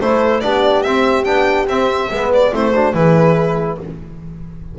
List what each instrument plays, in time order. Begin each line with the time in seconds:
0.00 double bass A3, trombone E4, horn A4, violin C5
0.40 double bass B3, trombone D4, horn G4, violin D5
0.82 double bass C4, trombone C4, violin E5
1.24 double bass B3, trombone D4, violin G5
1.67 double bass C4, trombone C4, violin E5
2.10 double bass G#3, trombone B3, horn B4
2.33 violin D5
2.52 double bass A3, trombone C4, horn E4, violin C5
2.73 trombone D4, horn F#4
2.93 double bass E3, trombone E4, horn G#4, violin B4